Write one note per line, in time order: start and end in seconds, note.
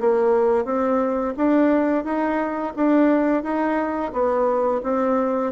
0.00 0.65 A#3
0.65 1.34 C4
1.37 2.04 D4
2.04 2.73 D#4
2.76 3.43 D4
3.43 4.12 D#4
4.13 4.82 B3
4.83 5.52 C4